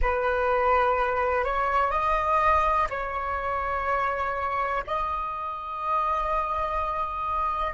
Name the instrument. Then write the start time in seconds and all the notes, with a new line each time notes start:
flute
0.01 B4
1.44 C#5
1.90 D#5
2.89 C#5
4.87 D#5